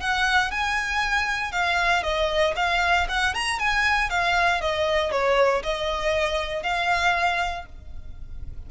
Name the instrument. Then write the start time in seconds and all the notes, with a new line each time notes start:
violin
0.00 F#5
0.51 G#5
1.52 F5
2.03 D#5
2.55 F5
3.08 F#5
3.34 A#5
3.59 G#5
4.10 F5
4.61 D#5
5.11 C#5
5.63 D#5
6.63 F5